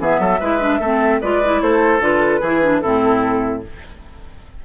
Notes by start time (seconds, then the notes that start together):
0.00 E3 B3 G#4 E5
0.19 F#3 A4
0.40 G#3 E4 B4
0.60 D4
0.80 A3 C4 A4
1.22 G#3 F4 B4 D5
1.45 E4
1.62 A3 A4 C5
2.00 D3 F4 B4
2.41 E3 E4 G#4
2.63 D4
2.81 A2 C4 E4 A4